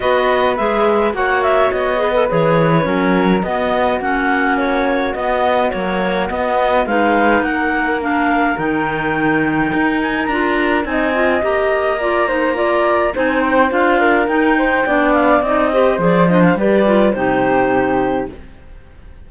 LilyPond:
<<
  \new Staff \with { instrumentName = "clarinet" } { \time 4/4 \tempo 4 = 105 dis''4 e''4 fis''8 e''8 dis''4 | cis''2 dis''4 fis''4 | cis''4 dis''4 cis''4 dis''4 | f''4 fis''4 f''4 g''4~ |
g''4. gis''8 ais''4 gis''4 | ais''2. gis''8 g''8 | f''4 g''4. f''8 dis''4 | d''8 dis''16 f''16 d''4 c''2 | }
  \new Staff \with { instrumentName = "flute" } { \time 4/4 b'2 cis''4. b'8~ | b'4 ais'4 fis'2~ | fis'1 | b'4 ais'2.~ |
ais'2. dis''4~ | dis''4 d''8 c''8 d''4 c''4~ | c''8 ais'4 c''8 d''4. c''8~ | c''4 b'4 g'2 | }
  \new Staff \with { instrumentName = "clarinet" } { \time 4/4 fis'4 gis'4 fis'4. gis'16 a'16 | gis'4 cis'4 b4 cis'4~ | cis'4 b4 fis4 b4 | dis'2 d'4 dis'4~ |
dis'2 f'4 dis'8 f'8 | g'4 f'8 dis'8 f'4 dis'4 | f'4 dis'4 d'4 dis'8 g'8 | gis'8 d'8 g'8 f'8 dis'2 | }
  \new Staff \with { instrumentName = "cello" } { \time 4/4 b4 gis4 ais4 b4 | e4 fis4 b4 ais4~ | ais4 b4 ais4 b4 | gis4 ais2 dis4~ |
dis4 dis'4 d'4 c'4 | ais2. c'4 | d'4 dis'4 b4 c'4 | f4 g4 c2 | }
>>